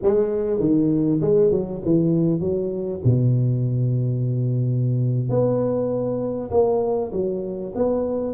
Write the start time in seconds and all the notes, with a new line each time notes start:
0.02 G#3
0.59 D#3
1.21 G#3
1.51 F#3
1.85 E3
2.40 F#3
3.04 B2
5.29 B3
6.50 A#3
7.12 F#3
7.75 B3